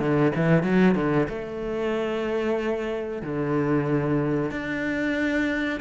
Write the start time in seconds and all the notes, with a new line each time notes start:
0.00 D3
0.35 E3
0.63 F#3
0.95 D3
1.29 A3
3.23 D3
4.51 D4